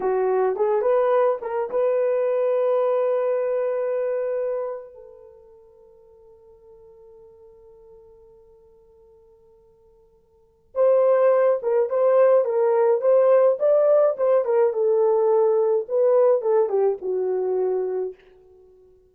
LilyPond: \new Staff \with { instrumentName = "horn" } { \time 4/4 \tempo 4 = 106 fis'4 gis'8 b'4 ais'8 b'4~ | b'1~ | b'8. a'2.~ a'16~ | a'1~ |
a'2. c''4~ | c''8 ais'8 c''4 ais'4 c''4 | d''4 c''8 ais'8 a'2 | b'4 a'8 g'8 fis'2 | }